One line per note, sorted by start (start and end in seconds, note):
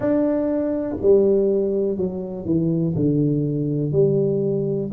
0.00 0.96 D4
1.01 1.97 G3
1.97 2.45 F#3
2.45 2.94 E3
2.95 3.92 D3
3.92 4.90 G3